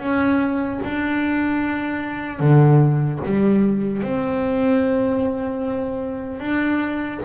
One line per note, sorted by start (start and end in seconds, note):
0.00 0.80 C#4
0.84 2.40 D4
2.40 3.20 D3
3.25 4.03 G3
4.03 6.41 C4
6.41 7.21 D4